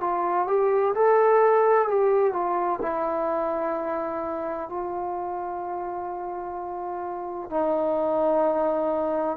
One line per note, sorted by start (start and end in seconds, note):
0.00 0.47 F4
0.47 0.94 G4
0.95 1.88 A4
1.88 2.33 G4
2.33 2.80 F4
2.82 4.69 E4
4.69 7.50 F4
7.50 9.37 D#4